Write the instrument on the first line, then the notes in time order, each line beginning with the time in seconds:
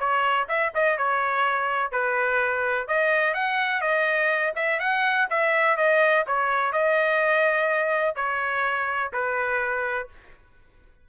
trumpet
0.00 C#5
0.49 E5
0.75 D#5
0.98 C#5
1.92 B4
2.88 D#5
3.35 F#5
3.82 D#5
4.56 E5
4.80 F#5
5.31 E5
5.77 D#5
6.27 C#5
6.73 D#5
8.16 C#5
9.13 B4